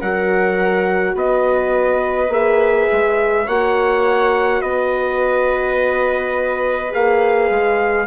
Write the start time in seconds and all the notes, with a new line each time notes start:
0.00 F#3 F#4 A#4 F#5
1.15 B3 B4 D#5
2.29 A#3 G#4 E5
2.92 G#3
3.47 A#3 F#4 C#5 F#5
4.61 B3 B4 D#5
6.91 A#3 G#4 F5
7.50 G#3